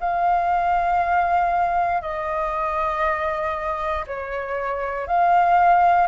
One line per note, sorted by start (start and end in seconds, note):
0.00 2.02 F5
2.02 4.05 D#5
4.07 5.07 C#5
5.07 6.07 F5